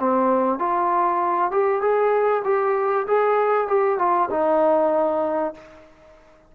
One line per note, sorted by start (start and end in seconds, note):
0.00 0.59 C4
0.59 1.52 F4
1.52 1.81 G4
1.81 2.43 G#4
2.45 3.07 G4
3.08 3.68 G#4
3.68 3.99 G4
3.99 4.30 F4
4.31 5.54 D#4